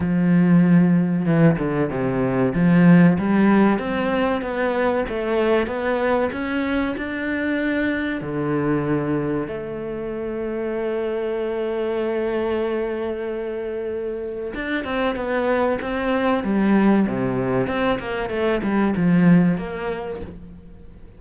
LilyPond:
\new Staff \with { instrumentName = "cello" } { \time 4/4 \tempo 4 = 95 f2 e8 d8 c4 | f4 g4 c'4 b4 | a4 b4 cis'4 d'4~ | d'4 d2 a4~ |
a1~ | a2. d'8 c'8 | b4 c'4 g4 c4 | c'8 ais8 a8 g8 f4 ais4 | }